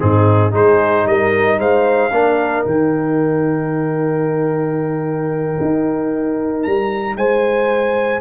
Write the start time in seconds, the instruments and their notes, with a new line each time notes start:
0.00 tuba G#2, trombone C4, horn D#4, trumpet G#4
0.52 tuba G#3, trombone D#4, horn G#4, trumpet C5
1.06 tuba G3, horn A#4, trumpet D#5
1.60 tuba G#3, horn C5, trumpet F5
2.12 tuba A#3, trombone D4, horn A#4
2.66 tuba D#3, trombone D#4, trumpet G5
5.62 tuba D#4
6.63 tuba G3, trumpet A#5
7.17 tuba G#3, horn C5, trumpet G#5